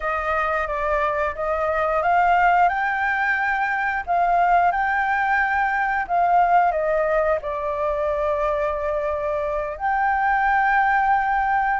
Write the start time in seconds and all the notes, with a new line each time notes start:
0.00 D#5
0.67 D5
1.35 D#5
2.02 F5
2.68 G5
4.06 F5
4.71 G5
6.07 F5
6.71 D#5
7.41 D5
9.77 G5